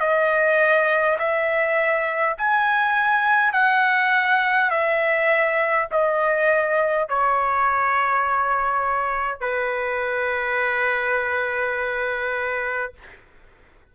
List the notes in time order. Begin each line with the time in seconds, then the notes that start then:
0.00 D#5
1.19 E5
2.38 G#5
3.53 F#5
4.71 E5
5.91 D#5
7.09 C#5
9.40 B4